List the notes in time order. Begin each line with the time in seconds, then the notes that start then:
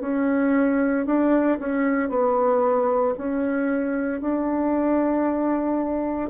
0.00 C#4
1.05 D4
1.59 C#4
2.09 B3
3.17 C#4
4.21 D4